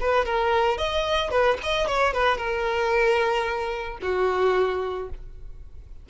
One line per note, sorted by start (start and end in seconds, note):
0.00 0.25 B4
0.25 0.77 A#4
0.77 1.31 D#5
1.31 1.57 B4
1.63 1.87 D#5
1.87 2.13 C#5
2.13 2.37 B4
2.37 3.98 A#4
4.02 5.09 F#4